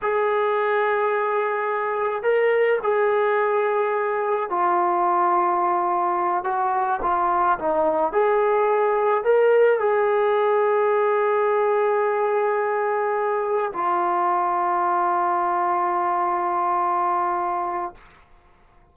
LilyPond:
\new Staff \with { instrumentName = "trombone" } { \time 4/4 \tempo 4 = 107 gis'1 | ais'4 gis'2. | f'2.~ f'8 fis'8~ | fis'8 f'4 dis'4 gis'4.~ |
gis'8 ais'4 gis'2~ gis'8~ | gis'1~ | gis'8 f'2.~ f'8~ | f'1 | }